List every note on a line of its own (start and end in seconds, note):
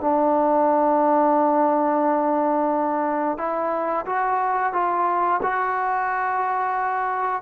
0.00 3.37 D4
3.37 4.05 E4
4.05 4.73 F#4
4.73 5.40 F4
5.42 7.42 F#4